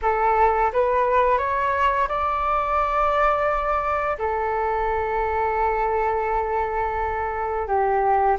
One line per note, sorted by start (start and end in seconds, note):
0.02 0.71 A4
0.73 1.38 B4
1.38 2.07 C#5
2.08 4.17 D5
4.18 7.67 A4
7.67 8.37 G4